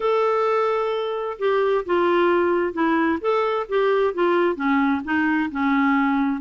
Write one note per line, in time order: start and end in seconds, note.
0.00 1.37 A4
1.38 1.84 G4
1.85 2.73 F4
2.73 3.18 E4
3.20 3.66 A4
3.68 4.14 G4
4.14 4.55 F4
4.55 5.01 C#4
5.04 5.50 D#4
5.51 6.41 C#4